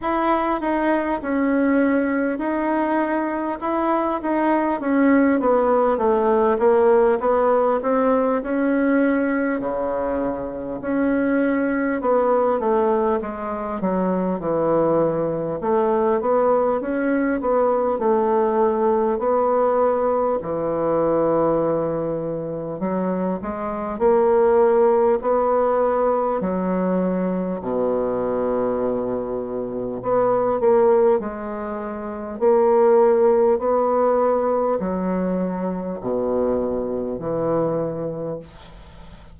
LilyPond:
\new Staff \with { instrumentName = "bassoon" } { \time 4/4 \tempo 4 = 50 e'8 dis'8 cis'4 dis'4 e'8 dis'8 | cis'8 b8 a8 ais8 b8 c'8 cis'4 | cis4 cis'4 b8 a8 gis8 fis8 | e4 a8 b8 cis'8 b8 a4 |
b4 e2 fis8 gis8 | ais4 b4 fis4 b,4~ | b,4 b8 ais8 gis4 ais4 | b4 fis4 b,4 e4 | }